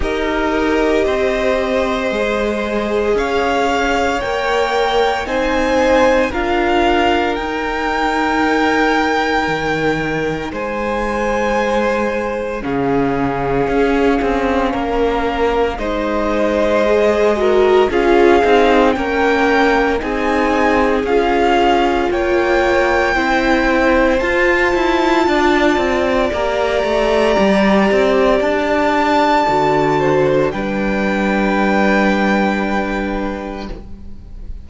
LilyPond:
<<
  \new Staff \with { instrumentName = "violin" } { \time 4/4 \tempo 4 = 57 dis''2. f''4 | g''4 gis''4 f''4 g''4~ | g''2 gis''2 | f''2. dis''4~ |
dis''4 f''4 g''4 gis''4 | f''4 g''2 a''4~ | a''4 ais''2 a''4~ | a''4 g''2. | }
  \new Staff \with { instrumentName = "violin" } { \time 4/4 ais'4 c''2 cis''4~ | cis''4 c''4 ais'2~ | ais'2 c''2 | gis'2 ais'4 c''4~ |
c''8 ais'8 gis'4 ais'4 gis'4~ | gis'4 cis''4 c''2 | d''1~ | d''8 c''8 b'2. | }
  \new Staff \with { instrumentName = "viola" } { \time 4/4 g'2 gis'2 | ais'4 dis'4 f'4 dis'4~ | dis'1 | cis'2. dis'4 |
gis'8 fis'8 f'8 dis'8 cis'4 dis'4 | f'2 e'4 f'4~ | f'4 g'2. | fis'4 d'2. | }
  \new Staff \with { instrumentName = "cello" } { \time 4/4 dis'4 c'4 gis4 cis'4 | ais4 c'4 d'4 dis'4~ | dis'4 dis4 gis2 | cis4 cis'8 c'8 ais4 gis4~ |
gis4 cis'8 c'8 ais4 c'4 | cis'4 ais4 c'4 f'8 e'8 | d'8 c'8 ais8 a8 g8 c'8 d'4 | d4 g2. | }
>>